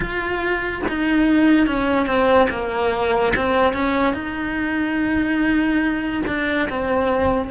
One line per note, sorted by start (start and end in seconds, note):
0.00 0.82 F4
0.88 1.67 D#4
1.67 2.06 C#4
2.06 2.48 C4
2.50 3.33 A#3
3.35 3.73 C4
3.73 4.13 C#4
4.13 6.22 D#4
6.26 6.68 D4
6.69 7.50 C4